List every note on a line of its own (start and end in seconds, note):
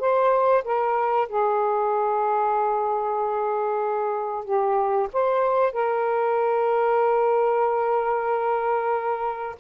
0.00 0.64 C5
0.65 1.29 A#4
1.29 4.45 G#4
4.45 5.09 G4
5.13 5.73 C5
5.73 9.56 A#4